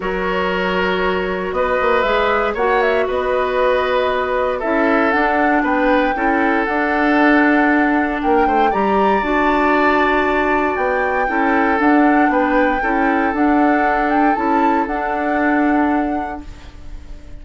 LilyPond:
<<
  \new Staff \with { instrumentName = "flute" } { \time 4/4 \tempo 4 = 117 cis''2. dis''4 | e''4 fis''8 e''8 dis''2~ | dis''4 e''4 fis''4 g''4~ | g''4 fis''2. |
g''4 ais''4 a''2~ | a''4 g''2 fis''4 | g''2 fis''4. g''8 | a''4 fis''2. | }
  \new Staff \with { instrumentName = "oboe" } { \time 4/4 ais'2. b'4~ | b'4 cis''4 b'2~ | b'4 a'2 b'4 | a'1 |
ais'8 c''8 d''2.~ | d''2 a'2 | b'4 a'2.~ | a'1 | }
  \new Staff \with { instrumentName = "clarinet" } { \time 4/4 fis'1 | gis'4 fis'2.~ | fis'4 e'4 d'2 | e'4 d'2.~ |
d'4 g'4 fis'2~ | fis'2 e'4 d'4~ | d'4 e'4 d'2 | e'4 d'2. | }
  \new Staff \with { instrumentName = "bassoon" } { \time 4/4 fis2. b8 ais8 | gis4 ais4 b2~ | b4 cis'4 d'4 b4 | cis'4 d'2. |
ais8 a8 g4 d'2~ | d'4 b4 cis'4 d'4 | b4 cis'4 d'2 | cis'4 d'2. | }
>>